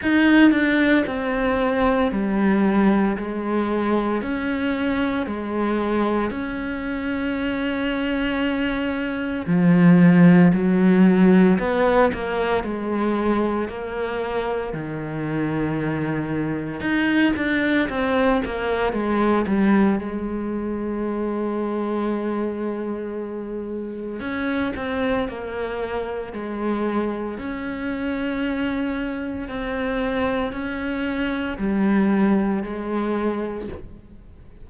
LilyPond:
\new Staff \with { instrumentName = "cello" } { \time 4/4 \tempo 4 = 57 dis'8 d'8 c'4 g4 gis4 | cis'4 gis4 cis'2~ | cis'4 f4 fis4 b8 ais8 | gis4 ais4 dis2 |
dis'8 d'8 c'8 ais8 gis8 g8 gis4~ | gis2. cis'8 c'8 | ais4 gis4 cis'2 | c'4 cis'4 g4 gis4 | }